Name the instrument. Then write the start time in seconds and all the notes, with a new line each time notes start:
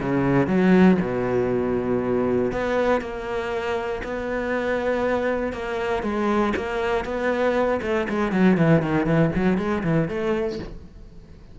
cello
0.00 C#3
0.47 F#3
1.01 B2
2.52 B3
3.01 A#3
4.03 B3
5.53 A#3
6.02 G#3
6.56 A#3
7.04 B3
7.82 A3
8.09 G#3
8.32 F#3
8.57 E3
8.82 D#3
9.06 E3
9.35 F#3
9.57 G#3
9.83 E3
10.08 A3